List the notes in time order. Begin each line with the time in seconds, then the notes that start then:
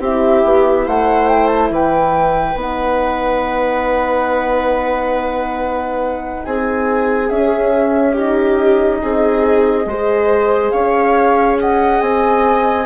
0.00 C4 E4 G4 E5
0.44 B3
0.86 A3 C5 F#5
1.28 G5
1.47 A5
1.70 E3 B4 G5
2.55 B3 D#4 F#5
6.45 C4 G#4 G#5
7.29 C#4 E5
8.14 D#4 G4 D#5
9.02 C4 G#4
9.86 G#3 G#4 C5
10.71 C#4 C#5 F5
11.60 D#5 F#5
12.01 C4 G#5